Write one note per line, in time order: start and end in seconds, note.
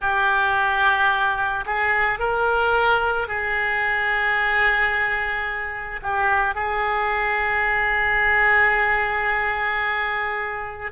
0.00 1.64 G4
1.66 2.19 G#4
2.19 3.27 A#4
3.27 6.00 G#4
6.02 6.55 G4
6.55 10.91 G#4